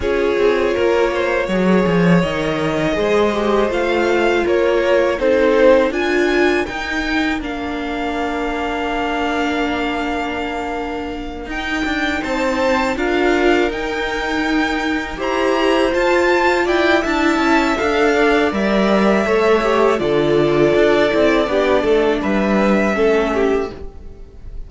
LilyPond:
<<
  \new Staff \with { instrumentName = "violin" } { \time 4/4 \tempo 4 = 81 cis''2. dis''4~ | dis''4 f''4 cis''4 c''4 | gis''4 g''4 f''2~ | f''2.~ f''8 g''8~ |
g''8 a''4 f''4 g''4.~ | g''8 ais''4 a''4 g''8 a''4 | f''4 e''2 d''4~ | d''2 e''2 | }
  \new Staff \with { instrumentName = "violin" } { \time 4/4 gis'4 ais'8 c''8 cis''2 | c''2 ais'4 a'4 | ais'1~ | ais'1~ |
ais'8 c''4 ais'2~ ais'8~ | ais'8 c''2 d''8 e''4~ | e''8 d''4. cis''4 a'4~ | a'4 g'8 a'8 b'4 a'8 g'8 | }
  \new Staff \with { instrumentName = "viola" } { \time 4/4 f'2 gis'4 ais'4 | gis'8 g'8 f'2 dis'4 | f'4 dis'4 d'2~ | d'2.~ d'8 dis'8~ |
dis'4. f'4 dis'4.~ | dis'8 g'4 f'4. e'4 | a'4 ais'4 a'8 g'8 f'4~ | f'8 e'8 d'2 cis'4 | }
  \new Staff \with { instrumentName = "cello" } { \time 4/4 cis'8 c'8 ais4 fis8 f8 dis4 | gis4 a4 ais4 c'4 | d'4 dis'4 ais2~ | ais2.~ ais8 dis'8 |
d'8 c'4 d'4 dis'4.~ | dis'8 e'4 f'4 e'8 d'8 cis'8 | d'4 g4 a4 d4 | d'8 c'8 b8 a8 g4 a4 | }
>>